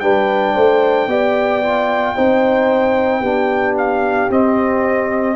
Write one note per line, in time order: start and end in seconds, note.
0.00 0.55 G3
0.00 1.09 D4
0.00 0.55 B4
0.00 3.75 G5
0.55 1.07 A3
0.55 1.08 C5
1.07 2.14 B3
1.07 1.62 G4
1.07 2.16 D5
1.63 2.16 F4
2.16 3.21 C4
2.16 3.23 D#4
2.16 3.22 C5
3.21 4.28 B3
3.21 4.30 D4
3.21 5.36 G4
3.78 4.31 F5
4.30 5.36 C4
4.30 5.36 D#5